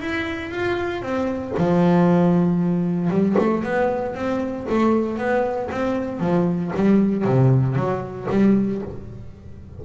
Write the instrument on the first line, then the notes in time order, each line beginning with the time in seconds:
double bass
0.00 E4
0.51 F4
1.02 C4
1.58 F3
3.10 G3
3.38 A3
3.63 B3
4.15 C4
4.69 A3
5.18 B3
5.71 C4
6.20 F3
6.75 G3
7.25 C3
7.75 F#3
8.30 G3